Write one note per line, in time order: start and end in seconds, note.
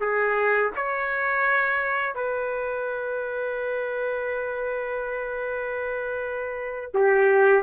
0.00 0.71 G#4
0.76 2.14 C#5
2.14 6.91 B4
6.93 7.63 G4